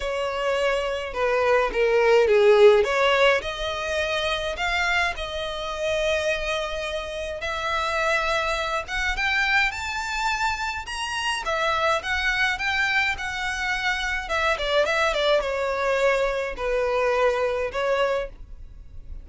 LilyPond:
\new Staff \with { instrumentName = "violin" } { \time 4/4 \tempo 4 = 105 cis''2 b'4 ais'4 | gis'4 cis''4 dis''2 | f''4 dis''2.~ | dis''4 e''2~ e''8 fis''8 |
g''4 a''2 ais''4 | e''4 fis''4 g''4 fis''4~ | fis''4 e''8 d''8 e''8 d''8 cis''4~ | cis''4 b'2 cis''4 | }